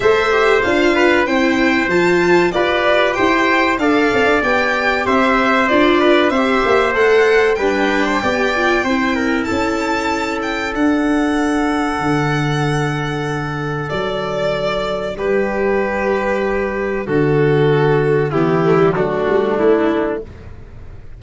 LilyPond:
<<
  \new Staff \with { instrumentName = "violin" } { \time 4/4 \tempo 4 = 95 e''4 f''4 g''4 a''4 | d''4 g''4 f''4 g''4 | e''4 d''4 e''4 fis''4 | g''2. a''4~ |
a''8 g''8 fis''2.~ | fis''2 d''2 | b'2. a'4~ | a'4 g'4 fis'4 e'4 | }
  \new Staff \with { instrumentName = "trumpet" } { \time 4/4 c''4. b'8 c''2 | b'4 c''4 d''2 | c''4. b'8 c''2 | b'8. c''16 d''4 c''8 ais'8 a'4~ |
a'1~ | a'1 | g'2. fis'4~ | fis'4 e'4 d'2 | }
  \new Staff \with { instrumentName = "viola" } { \time 4/4 a'8 g'8 f'4 e'4 f'4 | g'2 a'4 g'4~ | g'4 f'4 g'4 a'4 | d'4 g'8 f'8 e'2~ |
e'4 d'2.~ | d'1~ | d'1~ | d'4 b8 a16 g16 a2 | }
  \new Staff \with { instrumentName = "tuba" } { \time 4/4 a4 d'4 c'4 f4 | f'4 e'4 d'8 c'16 d'16 b4 | c'4 d'4 c'8 ais8 a4 | g4 b4 c'4 cis'4~ |
cis'4 d'2 d4~ | d2 fis2 | g2. d4~ | d4 e4 fis8 g8 a4 | }
>>